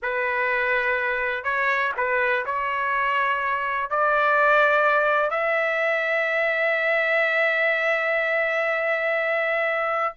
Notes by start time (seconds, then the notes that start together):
0.02 B4
1.44 C#5
1.96 B4
2.45 C#5
3.90 D5
5.30 E5